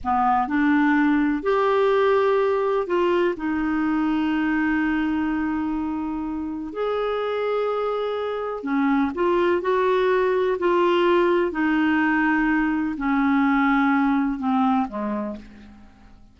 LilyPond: \new Staff \with { instrumentName = "clarinet" } { \time 4/4 \tempo 4 = 125 b4 d'2 g'4~ | g'2 f'4 dis'4~ | dis'1~ | dis'2 gis'2~ |
gis'2 cis'4 f'4 | fis'2 f'2 | dis'2. cis'4~ | cis'2 c'4 gis4 | }